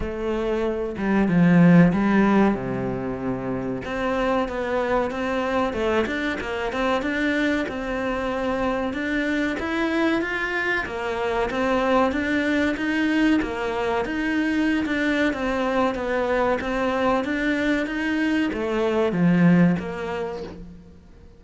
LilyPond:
\new Staff \with { instrumentName = "cello" } { \time 4/4 \tempo 4 = 94 a4. g8 f4 g4 | c2 c'4 b4 | c'4 a8 d'8 ais8 c'8 d'4 | c'2 d'4 e'4 |
f'4 ais4 c'4 d'4 | dis'4 ais4 dis'4~ dis'16 d'8. | c'4 b4 c'4 d'4 | dis'4 a4 f4 ais4 | }